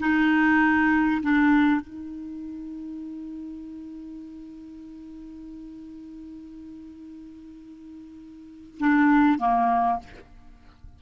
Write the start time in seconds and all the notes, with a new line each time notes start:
0.00 D#4
1.22 D4
1.81 D#4
8.79 D4
9.39 A#3